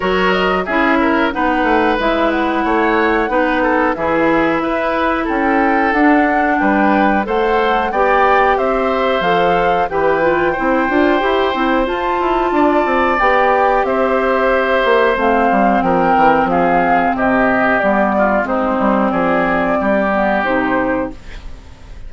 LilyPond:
<<
  \new Staff \with { instrumentName = "flute" } { \time 4/4 \tempo 4 = 91 cis''8 dis''8 e''4 fis''4 e''8 fis''8~ | fis''2 e''2 | g''4 fis''4 g''4 fis''4 | g''4 e''4 f''4 g''4~ |
g''2 a''2 | g''4 e''2 f''4 | g''4 f''4 dis''4 d''4 | c''4 d''2 c''4 | }
  \new Staff \with { instrumentName = "oboe" } { \time 4/4 ais'4 gis'8 ais'8 b'2 | cis''4 b'8 a'8 gis'4 b'4 | a'2 b'4 c''4 | d''4 c''2 b'4 |
c''2. d''4~ | d''4 c''2. | ais'4 gis'4 g'4. f'8 | dis'4 gis'4 g'2 | }
  \new Staff \with { instrumentName = "clarinet" } { \time 4/4 fis'4 e'4 dis'4 e'4~ | e'4 dis'4 e'2~ | e'4 d'2 a'4 | g'2 a'4 g'8 f'8 |
e'8 f'8 g'8 e'8 f'2 | g'2. c'4~ | c'2. b4 | c'2~ c'8 b8 dis'4 | }
  \new Staff \with { instrumentName = "bassoon" } { \time 4/4 fis4 cis'4 b8 a8 gis4 | a4 b4 e4 e'4 | cis'4 d'4 g4 a4 | b4 c'4 f4 e4 |
c'8 d'8 e'8 c'8 f'8 e'8 d'8 c'8 | b4 c'4. ais8 a8 g8 | f8 e8 f4 c4 g4 | gis8 g8 f4 g4 c4 | }
>>